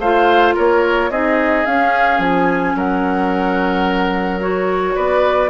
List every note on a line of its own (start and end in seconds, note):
0.00 0.55 A3
0.00 1.12 F4
0.00 0.55 C5
0.00 0.55 F5
0.55 1.10 A#3
0.55 1.10 A#4
0.55 1.12 C#5
1.10 1.65 C4
1.10 1.66 D#4
1.10 2.76 G#4
1.10 1.66 D#5
1.66 4.42 C#4
1.66 2.19 C#4
1.66 2.21 F5
2.19 2.74 F3
2.19 2.77 G#5
2.76 4.96 F#3
2.76 4.96 A#4
2.76 4.41 F#5
4.41 5.50 F#4
4.41 4.96 C#5
4.96 5.50 B3
4.96 5.50 B4
4.96 5.50 D5